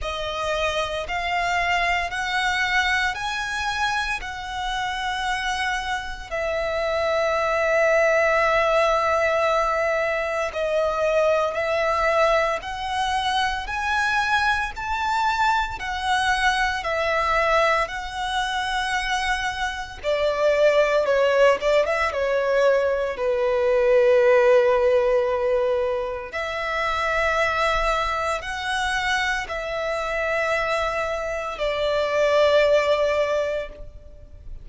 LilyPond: \new Staff \with { instrumentName = "violin" } { \time 4/4 \tempo 4 = 57 dis''4 f''4 fis''4 gis''4 | fis''2 e''2~ | e''2 dis''4 e''4 | fis''4 gis''4 a''4 fis''4 |
e''4 fis''2 d''4 | cis''8 d''16 e''16 cis''4 b'2~ | b'4 e''2 fis''4 | e''2 d''2 | }